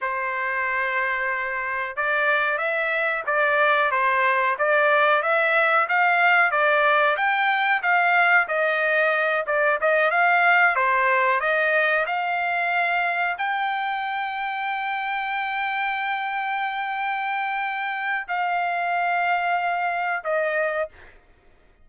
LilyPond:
\new Staff \with { instrumentName = "trumpet" } { \time 4/4 \tempo 4 = 92 c''2. d''4 | e''4 d''4 c''4 d''4 | e''4 f''4 d''4 g''4 | f''4 dis''4. d''8 dis''8 f''8~ |
f''8 c''4 dis''4 f''4.~ | f''8 g''2.~ g''8~ | g''1 | f''2. dis''4 | }